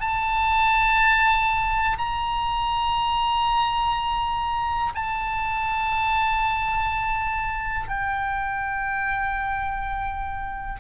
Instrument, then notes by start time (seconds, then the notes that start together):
oboe
0.00 A5
1.98 A#5
4.94 A5
7.88 G5